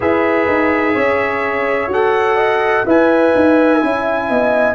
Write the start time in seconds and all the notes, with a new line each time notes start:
0.00 E4 G#4 B4 E5
0.47 D#4
0.94 C#4 C#5
1.87 F#4 A4 F#5
2.36 D#5
2.85 E4 B4 E5 G#5
3.35 D#4
3.80 C#4 E4
4.29 B3 D#5